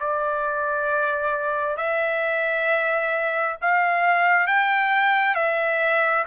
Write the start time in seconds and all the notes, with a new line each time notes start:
0.00 D5
1.77 E5
3.61 F5
4.47 G5
5.35 E5